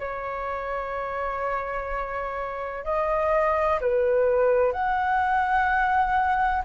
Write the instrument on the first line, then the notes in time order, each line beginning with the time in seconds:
flute
0.00 C#5
2.85 D#5
3.81 B4
4.73 F#5